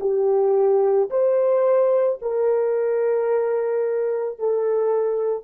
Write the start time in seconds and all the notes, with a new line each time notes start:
0.00 G4
1.10 C5
2.21 A#4
4.38 A4